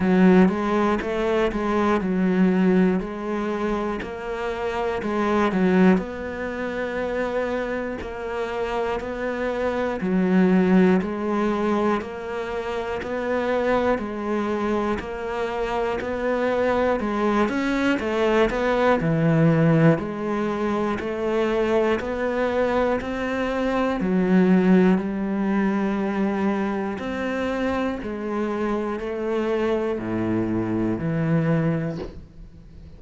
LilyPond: \new Staff \with { instrumentName = "cello" } { \time 4/4 \tempo 4 = 60 fis8 gis8 a8 gis8 fis4 gis4 | ais4 gis8 fis8 b2 | ais4 b4 fis4 gis4 | ais4 b4 gis4 ais4 |
b4 gis8 cis'8 a8 b8 e4 | gis4 a4 b4 c'4 | fis4 g2 c'4 | gis4 a4 a,4 e4 | }